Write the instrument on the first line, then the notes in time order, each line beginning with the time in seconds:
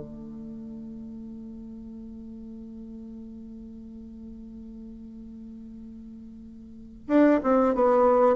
bassoon
0.00 A3
7.08 D4
7.44 C4
7.75 B3